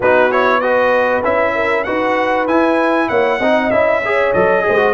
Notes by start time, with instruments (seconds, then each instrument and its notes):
0.00 tuba B3, trombone D#4, horn F#4, trumpet B4
0.31 trombone E4, trumpet C#5
0.60 trombone F#4, horn B4, trumpet D#5
1.23 tuba C#4, trombone E4, trumpet E5
1.54 horn A#4
1.84 tuba D#4, trombone F#4, horn B4, trumpet F#5
2.47 tuba E4, trombone E4, trumpet G#5
3.08 tuba A#3, horn C#5, trumpet F#5
3.39 tuba C4, trombone D#4, horn D#5
3.70 tuba C#4, trombone E4, trumpet E5
4.03 trombone G#4, horn C#5
4.33 tuba F#3, trombone A4, trumpet D#5
4.62 trombone G#4, horn C5
4.68 tuba G#3
4.77 trombone F#4